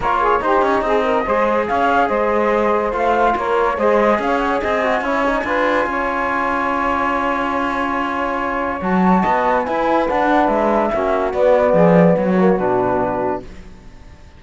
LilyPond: <<
  \new Staff \with { instrumentName = "flute" } { \time 4/4 \tempo 4 = 143 cis''4 c''8 cis''8 dis''2 | f''4 dis''2 f''4 | cis''4 dis''4 f''8 fis''8 gis''4~ | gis''1~ |
gis''1~ | gis''4 a''2 gis''4 | fis''4 e''2 d''4~ | d''4 cis''4 b'2 | }
  \new Staff \with { instrumentName = "saxophone" } { \time 4/4 ais'8 gis'8 g'4 gis'8 ais'8 c''4 | cis''4 c''2. | ais'4 c''4 cis''4 dis''4 | cis''4 b'4 cis''2~ |
cis''1~ | cis''2 dis''4 b'4~ | b'2 fis'2 | gis'4 fis'2. | }
  \new Staff \with { instrumentName = "trombone" } { \time 4/4 f'4 dis'2 gis'4~ | gis'2. f'4~ | f'4 gis'2~ gis'8 fis'8 | e'8 dis'8 f'2.~ |
f'1~ | f'4 fis'2 e'4 | d'2 cis'4 b4~ | b4. ais8 d'2 | }
  \new Staff \with { instrumentName = "cello" } { \time 4/4 ais4 dis'8 cis'8 c'4 gis4 | cis'4 gis2 a4 | ais4 gis4 cis'4 c'4 | cis'4 d'4 cis'2~ |
cis'1~ | cis'4 fis4 b4 e'4 | d'4 gis4 ais4 b4 | f4 fis4 b,2 | }
>>